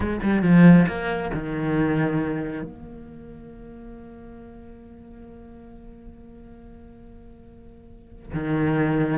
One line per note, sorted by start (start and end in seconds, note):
0.00 0.20 G#3
0.22 0.42 G3
0.42 0.85 F3
0.87 1.31 A#3
1.33 2.62 D#3
2.62 8.32 A#3
8.33 9.18 D#3